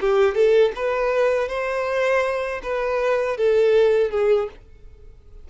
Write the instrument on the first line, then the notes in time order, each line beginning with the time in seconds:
violin
0.00 G4
0.34 A4
0.75 B4
1.48 C5
2.62 B4
3.37 A4
4.10 G#4